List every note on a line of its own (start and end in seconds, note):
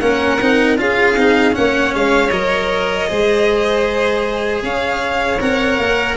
0.00 0.39 A#3
0.00 0.40 C#4
0.00 0.80 A#4
0.00 0.77 F#5
0.41 0.78 C4
0.41 0.78 D#4
0.78 1.17 C#4
0.78 1.16 F4
0.78 1.58 G#4
0.78 1.55 F5
1.17 1.55 C4
1.17 1.53 D#4
1.53 1.95 A#3
1.53 2.29 C#4
1.53 3.09 C#5
1.53 1.94 F#5
1.95 2.31 G#3
1.95 2.30 F5
2.30 3.08 F#3
2.30 3.07 A#4
2.30 4.61 D#5
3.07 4.63 G#3
3.07 5.38 G#4
3.07 4.63 C5
4.63 5.40 C#4
4.63 6.17 C#5
4.63 5.41 F5
5.40 5.78 C4
5.40 6.17 A#4
5.40 6.17 F#5
5.78 6.17 A#3